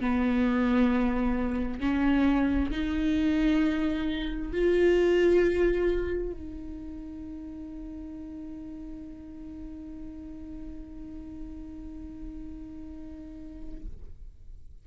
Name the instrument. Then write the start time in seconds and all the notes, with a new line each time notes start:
viola
0.00 B3
1.80 C#4
2.71 D#4
4.52 F4
6.33 D#4